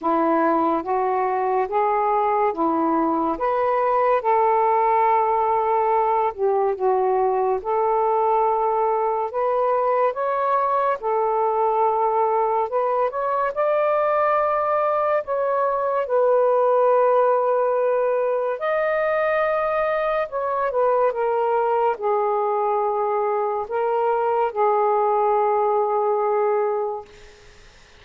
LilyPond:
\new Staff \with { instrumentName = "saxophone" } { \time 4/4 \tempo 4 = 71 e'4 fis'4 gis'4 e'4 | b'4 a'2~ a'8 g'8 | fis'4 a'2 b'4 | cis''4 a'2 b'8 cis''8 |
d''2 cis''4 b'4~ | b'2 dis''2 | cis''8 b'8 ais'4 gis'2 | ais'4 gis'2. | }